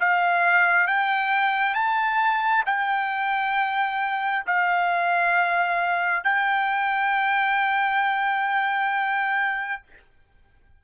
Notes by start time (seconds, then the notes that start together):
0.00 F5
0.87 G5
1.74 A5
2.65 G5
4.46 F5
6.24 G5